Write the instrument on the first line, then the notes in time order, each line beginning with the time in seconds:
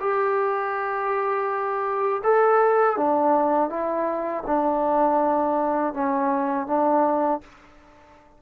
trombone
0.00 G4
2.24 A4
2.97 D4
3.69 E4
4.46 D4
5.94 C#4
6.67 D4